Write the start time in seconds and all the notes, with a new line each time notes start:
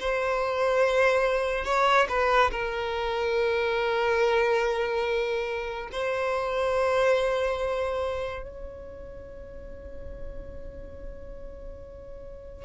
0.00 C5
1.65 C#5
2.09 B4
2.51 A#4
5.92 C5
8.43 C#5